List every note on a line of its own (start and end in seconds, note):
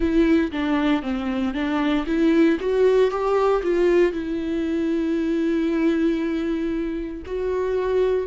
0.00 0.51 E4
0.51 1.02 D4
1.02 1.53 C4
1.53 2.05 D4
2.06 2.58 E4
2.60 3.10 F#4
3.10 3.62 G4
3.63 4.12 F4
4.12 7.22 E4
7.26 8.27 F#4